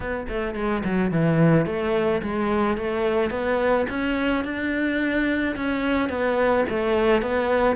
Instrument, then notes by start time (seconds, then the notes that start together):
cello
0.00 B3
0.28 A3
0.55 G#3
0.84 F#3
1.11 E3
1.65 A3
2.21 G#3
2.77 A3
3.30 B3
3.89 C#4
4.44 D4
5.56 C#4
6.09 B3
6.69 A3
7.21 B3